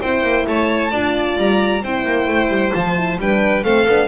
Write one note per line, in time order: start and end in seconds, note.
0.00 0.22 C4
0.00 0.91 E4
0.00 0.46 C5
0.00 0.46 G5
0.22 0.45 A#3
0.46 0.92 A3
0.46 0.91 C#5
0.46 1.38 A5
0.91 1.37 D4
0.91 1.83 F4
0.91 1.82 D5
1.37 1.82 G3
1.37 1.84 A#5
1.82 2.04 C4
1.82 2.72 E4
1.82 3.20 C5
1.82 2.73 G5
2.05 2.27 A#3
2.27 2.48 A3
2.48 2.71 G3
2.72 3.17 F3
2.72 2.95 F4
2.72 3.18 A5
2.96 3.18 E4
3.17 3.63 G3
3.17 3.64 D4
3.17 3.64 B4
3.17 3.64 G5
3.64 3.87 A3
3.64 3.86 C4
3.64 4.07 A4
3.64 4.07 F5
3.88 4.07 B3
3.88 4.07 D4